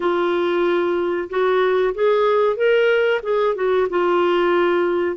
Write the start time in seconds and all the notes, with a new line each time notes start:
0.00 F4
1.29 F#4
1.94 G#4
2.56 A#4
3.23 G#4
3.55 F#4
3.89 F4